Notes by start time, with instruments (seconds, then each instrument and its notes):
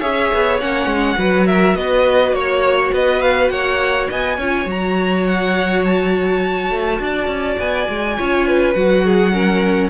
0.00 cello C#4, viola G#4, violin C#5 E5
0.34 cello B3
0.60 cello A#3, viola C#4, violin F#5
0.86 cello G#3
1.17 cello F#3, viola F#4, violin B4
1.47 violin A#4 E5
1.75 cello B3, violin B4 D#5
2.32 cello A#3, violin C#5
2.94 cello B3, violin B4 D#5
3.22 violin F5
3.49 cello A#3, violin C#5 F#5
4.10 cello B3, violin D#5 G#5
4.36 cello C#4, viola F4, violin C#5
4.65 cello F#3, viola F#4, violin A#5
5.27 violin F#5
5.85 violin A5
6.70 cello A3
7.00 cello D4, violin D5
7.28 cello C#4
7.59 cello B3, violin G#5
7.89 cello G#3
8.18 cello C#4, viola F4, violin C#5
8.48 violin B4
8.74 cello F#3, viola F#4, violin F#5
9.05 violin G#4
9.33 viola C#4, violin A#4